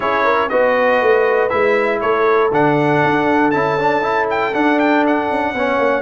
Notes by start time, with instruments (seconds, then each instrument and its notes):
0.00 tuba C#4, trombone E4, horn G#4, trumpet C#5
0.24 horn A#4
0.49 tuba B3, trombone F#4, horn B4, trumpet D#5
1.01 tuba A3
1.49 tuba G#3, trombone E4, trumpet E5
2.00 tuba A3, horn A4, trumpet C#5
2.51 tuba D3, trombone D4, trumpet F#5
3.03 tuba D4
3.50 tuba C#4, trombone E4, trumpet A5
3.79 trombone D4
4.02 trombone E4
4.30 trumpet G5
4.53 trombone D4, tuba D4, trumpet F#5
4.79 trumpet G5
5.06 trumpet F#5
5.30 tuba C#4
5.54 tuba B3, trombone C#4, horn C#5
5.78 tuba A#3